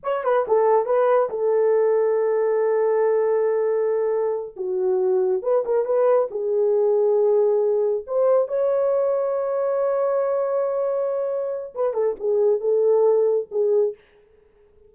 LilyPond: \new Staff \with { instrumentName = "horn" } { \time 4/4 \tempo 4 = 138 cis''8 b'8 a'4 b'4 a'4~ | a'1~ | a'2~ a'8 fis'4.~ | fis'8 b'8 ais'8 b'4 gis'4.~ |
gis'2~ gis'8 c''4 cis''8~ | cis''1~ | cis''2. b'8 a'8 | gis'4 a'2 gis'4 | }